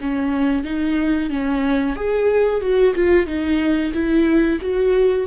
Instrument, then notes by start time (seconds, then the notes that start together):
viola
0.00 C#4
0.64 D#4
1.30 C#4
1.95 G#4
2.61 F#4
2.95 F4
3.26 D#4
3.93 E4
4.61 F#4